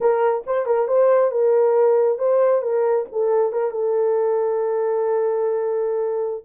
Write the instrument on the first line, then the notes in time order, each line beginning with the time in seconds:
horn
0.00 A#4
0.46 C5
0.66 A#4
0.87 C5
1.31 A#4
2.18 C5
2.62 A#4
3.12 A4
3.52 A#4
3.70 A4